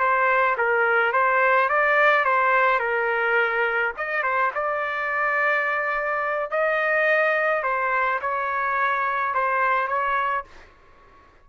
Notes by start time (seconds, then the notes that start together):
0.00 C5
0.58 A#4
1.13 C5
1.69 D5
2.25 C5
2.80 A#4
3.97 D#5
4.23 C5
4.55 D5
6.51 D#5
7.64 C5
8.22 C#5
9.35 C5
9.88 C#5